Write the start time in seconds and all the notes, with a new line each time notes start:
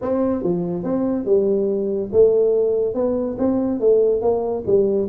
0.01 C4
0.43 F3
0.83 C4
1.25 G3
2.12 A3
2.94 B3
3.38 C4
3.80 A3
4.21 A#3
4.66 G3